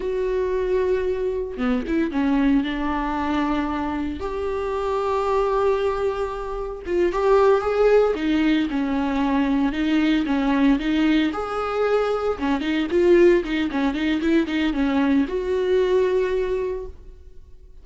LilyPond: \new Staff \with { instrumentName = "viola" } { \time 4/4 \tempo 4 = 114 fis'2. b8 e'8 | cis'4 d'2. | g'1~ | g'4 f'8 g'4 gis'4 dis'8~ |
dis'8 cis'2 dis'4 cis'8~ | cis'8 dis'4 gis'2 cis'8 | dis'8 f'4 dis'8 cis'8 dis'8 e'8 dis'8 | cis'4 fis'2. | }